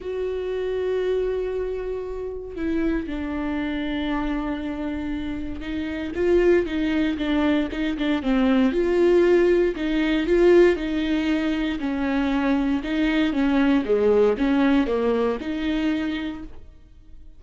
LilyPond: \new Staff \with { instrumentName = "viola" } { \time 4/4 \tempo 4 = 117 fis'1~ | fis'4 e'4 d'2~ | d'2. dis'4 | f'4 dis'4 d'4 dis'8 d'8 |
c'4 f'2 dis'4 | f'4 dis'2 cis'4~ | cis'4 dis'4 cis'4 gis4 | cis'4 ais4 dis'2 | }